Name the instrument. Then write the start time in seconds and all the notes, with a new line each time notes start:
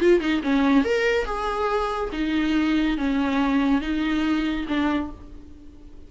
viola
0.00 F4
0.21 D#4
0.43 C#4
0.85 A#4
1.25 G#4
2.13 D#4
2.97 C#4
3.81 D#4
4.68 D4